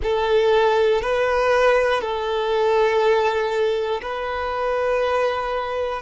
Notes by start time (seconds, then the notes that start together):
0.03 A4
1.01 B4
2.00 A4
4.01 B4